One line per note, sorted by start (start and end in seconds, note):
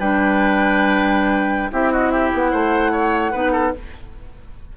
0.00 1.71 G3
0.00 1.72 D4
0.00 1.71 B4
0.00 1.71 G5
1.72 2.33 C4
1.72 3.33 E4
1.72 1.93 G4
1.72 1.92 E5
1.92 2.13 F#4
1.92 2.10 D#5
2.10 2.52 G4
2.10 2.31 E5
2.34 2.53 B3
2.34 3.77 F#5
2.52 3.34 A3
2.52 2.92 C5
2.92 3.32 C#5
3.32 3.74 B3
3.32 3.74 D#4
3.32 3.52 B4
3.52 3.73 A4